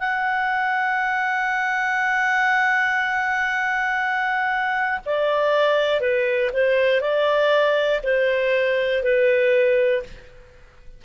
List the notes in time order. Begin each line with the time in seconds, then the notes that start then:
0.00 F#5
5.06 D5
6.01 B4
6.54 C5
7.01 D5
8.03 C5
9.03 B4